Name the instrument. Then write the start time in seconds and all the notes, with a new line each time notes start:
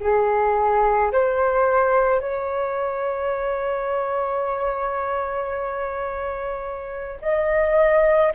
flute
0.00 G#4
1.12 C5
2.20 C#5
7.21 D#5